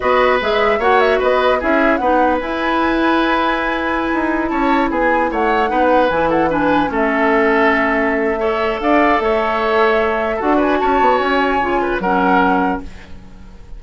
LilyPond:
<<
  \new Staff \with { instrumentName = "flute" } { \time 4/4 \tempo 4 = 150 dis''4 e''4 fis''8 e''8 dis''4 | e''4 fis''4 gis''2~ | gis''2.~ gis''16 a''8.~ | a''16 gis''4 fis''2 gis''8 fis''16~ |
fis''16 gis''4 e''2~ e''8.~ | e''2 f''4 e''4~ | e''2 fis''8 gis''8 a''4 | gis''2 fis''2 | }
  \new Staff \with { instrumentName = "oboe" } { \time 4/4 b'2 cis''4 b'4 | gis'4 b'2.~ | b'2.~ b'16 cis''8.~ | cis''16 gis'4 cis''4 b'4. a'16~ |
a'16 b'4 a'2~ a'8.~ | a'4 cis''4 d''4 cis''4~ | cis''2 a'8 b'8 cis''4~ | cis''4. b'8 ais'2 | }
  \new Staff \with { instrumentName = "clarinet" } { \time 4/4 fis'4 gis'4 fis'2 | e'4 dis'4 e'2~ | e'1~ | e'2~ e'16 dis'4 e'8.~ |
e'16 d'4 cis'2~ cis'8.~ | cis'4 a'2.~ | a'2 fis'2~ | fis'4 f'4 cis'2 | }
  \new Staff \with { instrumentName = "bassoon" } { \time 4/4 b4 gis4 ais4 b4 | cis'4 b4 e'2~ | e'2~ e'16 dis'4 cis'8.~ | cis'16 b4 a4 b4 e8.~ |
e4~ e16 a2~ a8.~ | a2 d'4 a4~ | a2 d'4 cis'8 b8 | cis'4 cis4 fis2 | }
>>